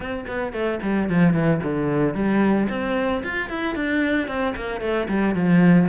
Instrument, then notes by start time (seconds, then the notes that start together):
cello
0.00 C4
0.27 B3
0.52 A3
0.82 G3
1.09 F3
1.33 E3
1.63 D3
2.14 G3
2.69 C4
3.23 F4
3.49 E4
3.75 D4
4.27 C4
4.56 A#3
4.80 A3
5.08 G3
5.34 F3